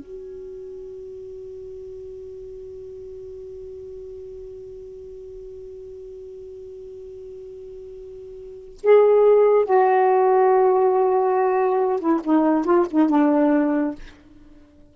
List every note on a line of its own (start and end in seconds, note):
0.00 8.79 F#4
8.84 9.65 G#4
9.65 12.00 F#4
12.00 12.21 E4
12.25 12.65 D#4
12.65 12.86 F4
12.91 13.09 D#4
13.09 13.95 D4